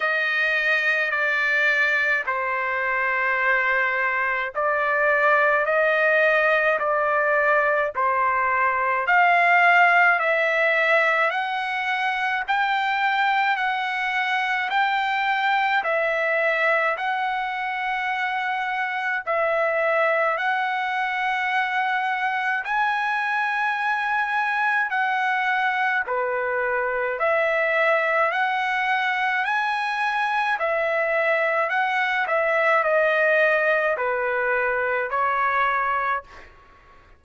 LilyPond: \new Staff \with { instrumentName = "trumpet" } { \time 4/4 \tempo 4 = 53 dis''4 d''4 c''2 | d''4 dis''4 d''4 c''4 | f''4 e''4 fis''4 g''4 | fis''4 g''4 e''4 fis''4~ |
fis''4 e''4 fis''2 | gis''2 fis''4 b'4 | e''4 fis''4 gis''4 e''4 | fis''8 e''8 dis''4 b'4 cis''4 | }